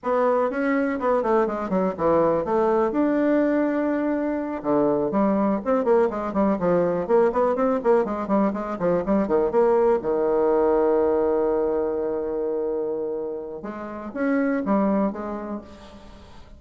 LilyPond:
\new Staff \with { instrumentName = "bassoon" } { \time 4/4 \tempo 4 = 123 b4 cis'4 b8 a8 gis8 fis8 | e4 a4 d'2~ | d'4. d4 g4 c'8 | ais8 gis8 g8 f4 ais8 b8 c'8 |
ais8 gis8 g8 gis8 f8 g8 dis8 ais8~ | ais8 dis2.~ dis8~ | dis1 | gis4 cis'4 g4 gis4 | }